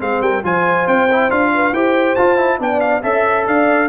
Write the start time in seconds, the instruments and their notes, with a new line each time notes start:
0.00 tuba G#3, trombone C4, horn G#4, trumpet F5
0.21 tuba G3, horn A#4, trumpet G5
0.44 tuba F3, trombone F4, horn C5, trumpet G#5
0.87 tuba C4, trumpet G5
1.12 trombone E4
1.31 tuba D4, trombone F4, trumpet F5
1.55 horn B4
1.73 tuba E4, trombone G4, horn C5, trumpet G5
2.16 trombone F4, tuba F4, trumpet A5
2.38 trombone E4
2.60 tuba B3, trombone D4, horn D5, trumpet G5
2.81 trumpet F5
3.03 tuba C#4, trombone A4, horn E5, trumpet E5
3.47 tuba D4, horn D5, trumpet F5